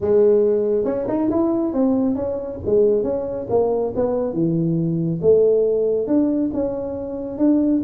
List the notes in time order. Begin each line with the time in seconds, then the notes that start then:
0.00 G#3
0.84 C#4
1.08 D#4
1.30 E4
1.73 C4
2.15 C#4
2.65 G#3
3.03 C#4
3.49 A#3
3.95 B3
4.33 E3
5.21 A3
6.07 D4
6.53 C#4
7.38 D4